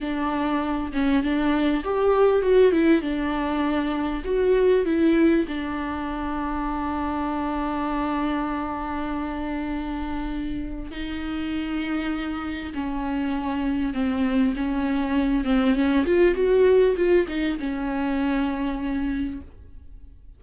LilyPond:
\new Staff \with { instrumentName = "viola" } { \time 4/4 \tempo 4 = 99 d'4. cis'8 d'4 g'4 | fis'8 e'8 d'2 fis'4 | e'4 d'2.~ | d'1~ |
d'2 dis'2~ | dis'4 cis'2 c'4 | cis'4. c'8 cis'8 f'8 fis'4 | f'8 dis'8 cis'2. | }